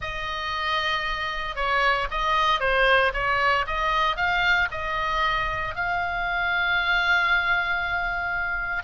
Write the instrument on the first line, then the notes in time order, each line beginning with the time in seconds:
oboe
0.01 D#5
1.55 C#5
2.10 D#5
2.60 C5
3.13 C#5
3.66 D#5
4.16 F5
4.71 D#5
5.75 F5